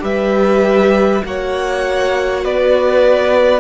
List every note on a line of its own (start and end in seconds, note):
0.00 1.23 G3
0.00 1.20 G4
0.00 1.24 B4
0.00 1.25 E5
1.25 2.44 A#3
1.25 3.60 F#4
1.25 2.45 C#5
1.25 2.45 F#5
2.44 3.60 B3
2.44 3.60 B4
2.44 3.60 D5